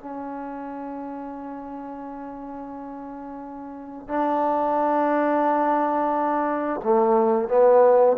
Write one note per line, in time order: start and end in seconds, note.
0.00 4.08 C#4
4.08 6.81 D4
6.84 7.49 A3
7.49 8.17 B3